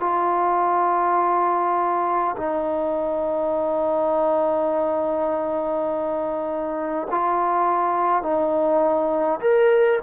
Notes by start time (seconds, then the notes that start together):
0.00 F4
2.36 D#4
7.10 F4
8.22 D#4
9.40 A#4